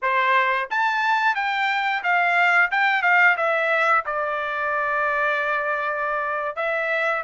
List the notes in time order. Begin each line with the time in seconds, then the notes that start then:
0.02 C5
0.70 A5
1.35 G5
2.03 F5
2.71 G5
3.02 F5
3.36 E5
4.05 D5
6.56 E5